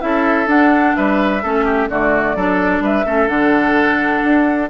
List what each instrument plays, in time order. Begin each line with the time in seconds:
0.00 bassoon C#4, clarinet E4, oboe A4, flute E5
0.46 bassoon D4, clarinet D4, flute F#5
0.95 bassoon G3, oboe B4, flute E5
1.43 bassoon A3, clarinet C#4, oboe A4
1.64 oboe G4
1.88 bassoon D3, clarinet A3, oboe F#4, flute D5
2.35 bassoon F#3, clarinet D4, oboe A4
2.80 bassoon G3, oboe B4, flute E5
3.05 bassoon A3, clarinet C#4, oboe A4
3.27 bassoon D3, clarinet D4, flute F#5
4.23 bassoon D4